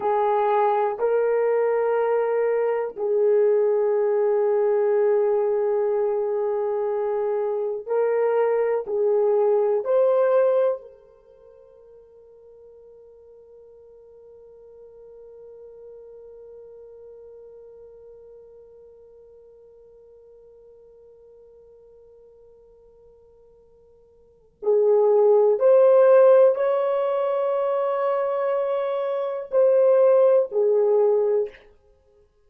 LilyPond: \new Staff \with { instrumentName = "horn" } { \time 4/4 \tempo 4 = 61 gis'4 ais'2 gis'4~ | gis'1 | ais'4 gis'4 c''4 ais'4~ | ais'1~ |
ais'1~ | ais'1~ | ais'4 gis'4 c''4 cis''4~ | cis''2 c''4 gis'4 | }